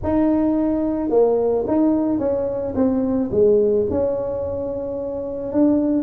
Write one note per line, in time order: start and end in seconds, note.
0.03 1.09 D#4
1.09 1.64 A#3
1.67 2.19 D#4
2.19 2.74 C#4
2.75 3.30 C4
3.31 3.86 G#3
3.90 5.52 C#4
5.52 6.03 D4